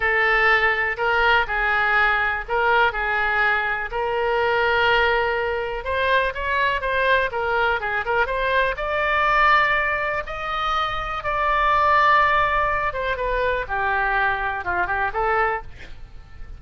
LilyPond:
\new Staff \with { instrumentName = "oboe" } { \time 4/4 \tempo 4 = 123 a'2 ais'4 gis'4~ | gis'4 ais'4 gis'2 | ais'1 | c''4 cis''4 c''4 ais'4 |
gis'8 ais'8 c''4 d''2~ | d''4 dis''2 d''4~ | d''2~ d''8 c''8 b'4 | g'2 f'8 g'8 a'4 | }